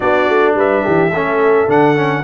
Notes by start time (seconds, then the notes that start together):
0.00 B3 D4 F#4 D5
0.28 A3
0.55 G3 B4 E5
0.84 E3 G4
1.11 A3 C#4 A4
1.67 D3 D4 F#5
1.95 C#4